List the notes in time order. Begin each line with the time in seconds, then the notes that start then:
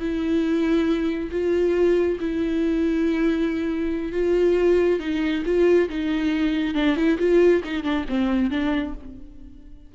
0.00 E4
1.32 F4
2.20 E4
4.13 F4
5.00 D#4
5.46 F4
5.90 D#4
6.75 D4
6.97 E4
7.19 F4
7.65 D#4
7.84 D4
8.09 C4
8.51 D4